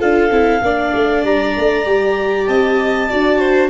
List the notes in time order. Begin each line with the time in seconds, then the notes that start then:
0.00 D4 F4 A4 F5
0.31 C4 E4
0.62 A#3 D4 D5
0.94 A3
1.24 G3 A#5
1.58 A3
1.85 G3 G4
2.47 C4 D#5 A5
3.10 D4 F#4 D5
3.40 C5